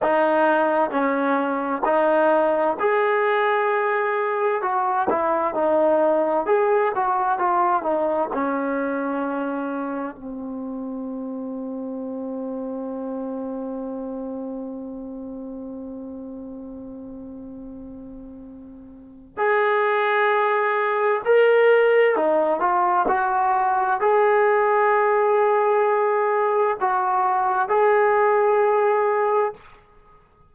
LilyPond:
\new Staff \with { instrumentName = "trombone" } { \time 4/4 \tempo 4 = 65 dis'4 cis'4 dis'4 gis'4~ | gis'4 fis'8 e'8 dis'4 gis'8 fis'8 | f'8 dis'8 cis'2 c'4~ | c'1~ |
c'1~ | c'4 gis'2 ais'4 | dis'8 f'8 fis'4 gis'2~ | gis'4 fis'4 gis'2 | }